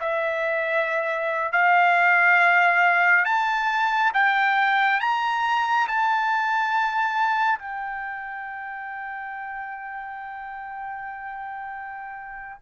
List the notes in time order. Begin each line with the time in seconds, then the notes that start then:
0.00 E5
1.52 F5
3.25 A5
4.13 G5
5.00 A#5
5.87 A5
7.58 G5